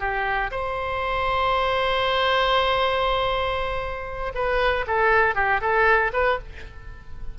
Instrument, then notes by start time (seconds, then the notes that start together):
oboe
0.00 G4
0.52 C5
4.35 B4
4.87 A4
5.36 G4
5.61 A4
6.14 B4